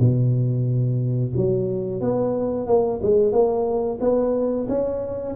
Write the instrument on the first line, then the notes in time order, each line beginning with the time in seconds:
tuba
0.00 B2
1.37 F#3
2.02 B3
2.67 A#3
3.03 G#3
3.32 A#3
4.01 B3
4.69 C#4